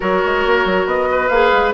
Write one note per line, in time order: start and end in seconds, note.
0.00 0.23 F#3
0.00 1.30 F#4
0.00 1.08 A#4
0.00 0.87 C#5
0.25 0.45 G#3
0.45 0.65 A#3
0.65 0.85 F#3
0.85 1.29 B3
0.85 1.28 D#5
1.10 1.73 B4
1.28 1.51 A#3
1.28 1.73 G#4
1.28 1.71 F5
1.52 1.73 G#3